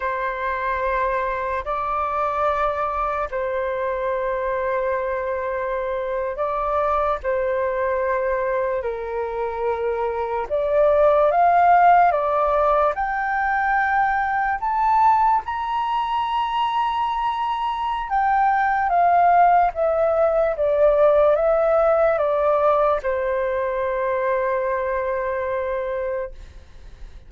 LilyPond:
\new Staff \with { instrumentName = "flute" } { \time 4/4 \tempo 4 = 73 c''2 d''2 | c''2.~ c''8. d''16~ | d''8. c''2 ais'4~ ais'16~ | ais'8. d''4 f''4 d''4 g''16~ |
g''4.~ g''16 a''4 ais''4~ ais''16~ | ais''2 g''4 f''4 | e''4 d''4 e''4 d''4 | c''1 | }